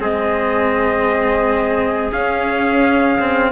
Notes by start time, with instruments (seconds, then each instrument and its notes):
0.00 bassoon G#3, cello C4, trumpet G#4 D#5
2.12 bassoon C#4, cello C#4, trumpet F5
3.20 cello C4